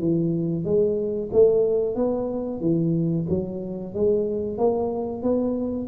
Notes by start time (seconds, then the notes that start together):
0.00 E3
0.65 G#3
1.33 A3
1.96 B3
2.61 E3
3.30 F#3
3.95 G#3
4.58 A#3
5.23 B3